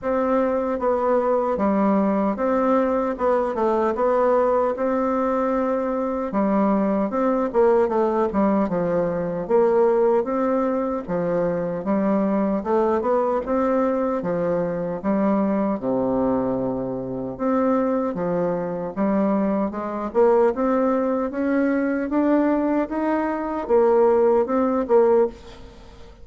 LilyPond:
\new Staff \with { instrumentName = "bassoon" } { \time 4/4 \tempo 4 = 76 c'4 b4 g4 c'4 | b8 a8 b4 c'2 | g4 c'8 ais8 a8 g8 f4 | ais4 c'4 f4 g4 |
a8 b8 c'4 f4 g4 | c2 c'4 f4 | g4 gis8 ais8 c'4 cis'4 | d'4 dis'4 ais4 c'8 ais8 | }